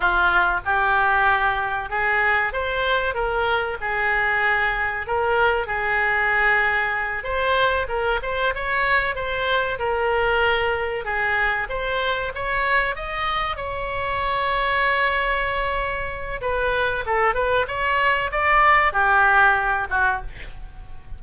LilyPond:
\new Staff \with { instrumentName = "oboe" } { \time 4/4 \tempo 4 = 95 f'4 g'2 gis'4 | c''4 ais'4 gis'2 | ais'4 gis'2~ gis'8 c''8~ | c''8 ais'8 c''8 cis''4 c''4 ais'8~ |
ais'4. gis'4 c''4 cis''8~ | cis''8 dis''4 cis''2~ cis''8~ | cis''2 b'4 a'8 b'8 | cis''4 d''4 g'4. fis'8 | }